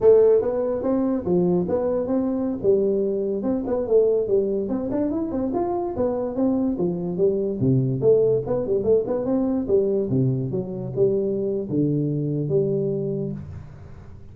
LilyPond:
\new Staff \with { instrumentName = "tuba" } { \time 4/4 \tempo 4 = 144 a4 b4 c'4 f4 | b4 c'4~ c'16 g4.~ g16~ | g16 c'8 b8 a4 g4 c'8 d'16~ | d'16 e'8 c'8 f'4 b4 c'8.~ |
c'16 f4 g4 c4 a8.~ | a16 b8 g8 a8 b8 c'4 g8.~ | g16 c4 fis4 g4.~ g16 | d2 g2 | }